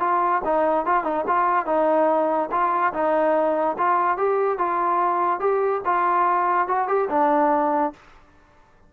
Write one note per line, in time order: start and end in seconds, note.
0.00 0.42 F4
0.45 0.86 D#4
0.86 1.04 F4
1.04 1.25 D#4
1.27 1.66 F4
1.66 2.49 D#4
2.52 2.93 F4
2.93 3.77 D#4
3.78 4.17 F4
4.17 4.58 G4
4.58 5.40 F4
5.40 5.81 G4
5.85 6.68 F4
6.68 6.88 F#4
6.88 7.09 G4
7.09 7.93 D4